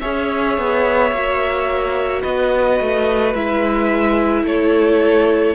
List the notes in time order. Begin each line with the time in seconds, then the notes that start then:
0.00 C#4 G#4 C#5 E5
0.58 B3
1.12 A#3 F#4
2.22 B3 B4 D#5
2.81 A3
3.34 G#3 E4 E5
4.43 A3 A4 C#5